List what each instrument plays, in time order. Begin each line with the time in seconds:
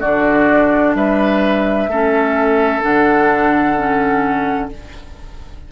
0.00 bassoon D3, clarinet D4, oboe F#4, flute D5
0.94 bassoon G3, oboe B4, flute E5
1.87 bassoon A3, clarinet C#4, oboe A4
2.82 bassoon D3, clarinet D4, flute F#5
3.77 clarinet C#4